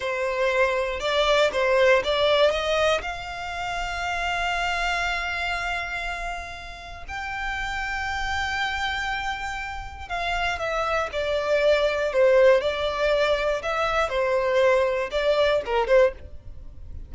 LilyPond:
\new Staff \with { instrumentName = "violin" } { \time 4/4 \tempo 4 = 119 c''2 d''4 c''4 | d''4 dis''4 f''2~ | f''1~ | f''2 g''2~ |
g''1 | f''4 e''4 d''2 | c''4 d''2 e''4 | c''2 d''4 ais'8 c''8 | }